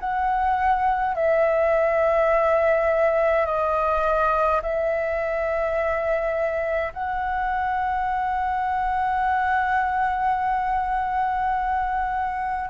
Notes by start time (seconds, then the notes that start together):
0.00 F#5
1.15 E5
3.46 D#5
4.63 E5
6.94 F#5